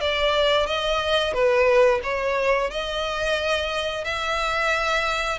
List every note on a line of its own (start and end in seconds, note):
0.00 0.66 D5
0.66 1.33 D#5
1.33 2.00 B4
2.03 2.70 C#5
2.70 4.04 D#5
4.04 5.38 E5